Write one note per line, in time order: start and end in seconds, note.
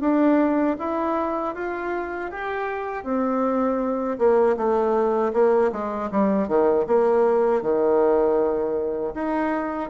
0.00 0.76 D4
0.79 1.55 E4
1.55 2.31 F4
2.31 3.04 G4
3.04 4.18 C4
4.18 4.56 A#3
4.56 5.32 A3
5.33 5.71 A#3
5.72 6.10 G#3
6.11 6.48 G3
6.48 6.86 D#3
6.87 7.62 A#3
7.62 9.14 D#3
9.14 9.90 D#4